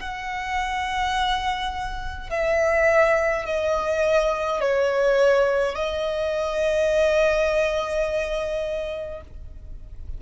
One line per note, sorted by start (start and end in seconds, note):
0.00 2.30 F#5
2.30 3.46 E5
3.46 4.61 D#5
4.61 5.75 C#5
5.75 9.22 D#5